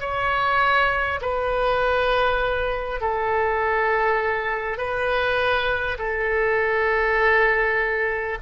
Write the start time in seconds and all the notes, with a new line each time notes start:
0.00 C#5
1.21 B4
3.01 A4
4.77 B4
5.98 A4